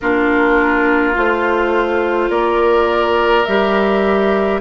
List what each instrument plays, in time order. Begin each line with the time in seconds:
0.00 bassoon A#3, clarinet D4, oboe F4, flute A#4
1.13 bassoon A3, clarinet F4, flute C5
2.29 bassoon A#3, oboe A#4, flute D5
3.44 bassoon G3, clarinet G4, flute E5